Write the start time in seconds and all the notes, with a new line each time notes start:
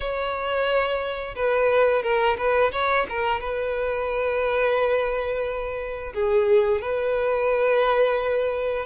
0.00 C#5
1.35 B4
2.02 A#4
2.37 B4
2.72 C#5
3.09 A#4
3.40 B4
6.14 G#4
6.81 B4